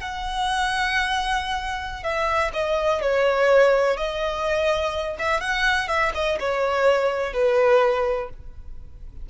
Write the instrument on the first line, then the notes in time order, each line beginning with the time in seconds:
violin
0.00 F#5
2.03 E5
2.53 D#5
3.01 C#5
3.96 D#5
5.19 E5
5.40 F#5
5.88 E5
6.14 D#5
6.40 C#5
7.33 B4